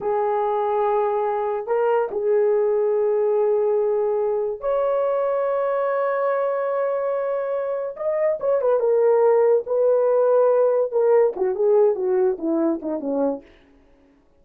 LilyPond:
\new Staff \with { instrumentName = "horn" } { \time 4/4 \tempo 4 = 143 gis'1 | ais'4 gis'2.~ | gis'2. cis''4~ | cis''1~ |
cis''2. dis''4 | cis''8 b'8 ais'2 b'4~ | b'2 ais'4 fis'8 gis'8~ | gis'8 fis'4 e'4 dis'8 cis'4 | }